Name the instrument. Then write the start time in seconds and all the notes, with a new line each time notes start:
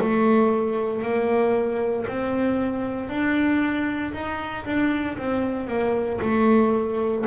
double bass
0.00 A3
1.02 A#3
2.07 C4
3.09 D4
4.13 D#4
4.65 D4
5.17 C4
5.68 A#3
6.21 A3